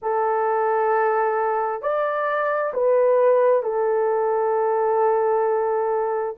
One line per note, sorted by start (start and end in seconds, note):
0.02 1.81 A4
1.81 2.72 D5
2.73 3.62 B4
3.62 6.35 A4